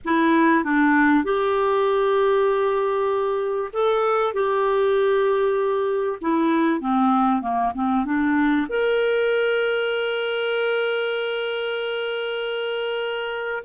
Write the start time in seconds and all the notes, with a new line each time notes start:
0.04 E4
0.64 D4
1.23 G4
3.72 A4
4.33 G4
6.21 E4
6.80 C4
7.41 A#3
7.74 C4
8.05 D4
8.68 A#4